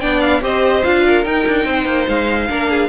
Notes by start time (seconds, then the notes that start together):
0.00 B3 D4 D5 G5
0.20 F5
0.41 C4 G4 C5 D#5
0.84 D4 F4 F5
1.06 A#4
1.24 D#4 G5
1.48 D4
1.65 C4 C5
1.86 A#3
2.08 G#3 F5
2.49 A#3 D4 A#4
2.70 G#4